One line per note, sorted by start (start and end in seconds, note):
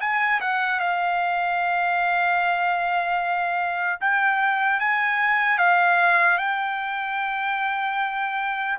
0.00 0.40 G#5
0.40 0.80 F#5
0.80 4.00 F5
4.00 4.80 G5
4.80 5.58 G#5
5.58 6.38 F5
6.38 8.78 G5